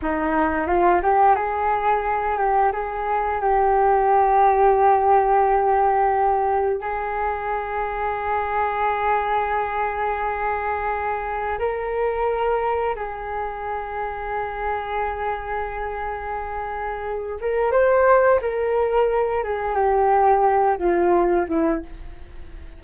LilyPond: \new Staff \with { instrumentName = "flute" } { \time 4/4 \tempo 4 = 88 dis'4 f'8 g'8 gis'4. g'8 | gis'4 g'2.~ | g'2 gis'2~ | gis'1~ |
gis'4 ais'2 gis'4~ | gis'1~ | gis'4. ais'8 c''4 ais'4~ | ais'8 gis'8 g'4. f'4 e'8 | }